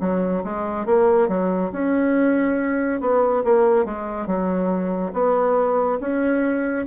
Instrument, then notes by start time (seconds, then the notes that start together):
bassoon
0.00 F#3
0.44 G#3
0.86 A#3
1.28 F#3
1.72 C#4
3.00 B3
3.44 A#3
3.85 G#3
4.27 F#3
5.13 B3
6.00 C#4